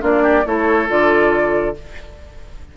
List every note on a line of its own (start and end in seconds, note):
0.00 0.44 A#3
0.00 0.43 D4
0.00 0.22 F4
0.00 0.46 D5
0.22 0.43 G4
0.45 0.89 A3
0.45 0.88 E4
0.45 1.76 A4
0.45 0.89 C#5
0.88 1.75 D3
0.88 1.73 F4
0.88 1.75 D5